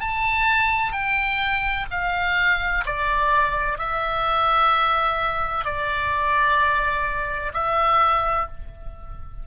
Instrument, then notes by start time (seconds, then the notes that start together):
oboe
0.00 A5
0.92 G5
1.91 F5
2.86 D5
3.78 E5
5.65 D5
7.53 E5